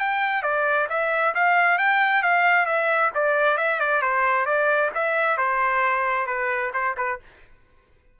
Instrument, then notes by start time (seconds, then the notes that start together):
trumpet
0.00 G5
0.43 D5
0.90 E5
1.35 F5
1.78 G5
2.23 F5
2.66 E5
3.15 D5
3.58 E5
3.80 D5
4.02 C5
4.46 D5
4.95 E5
5.38 C5
6.27 B4
6.74 C5
6.97 B4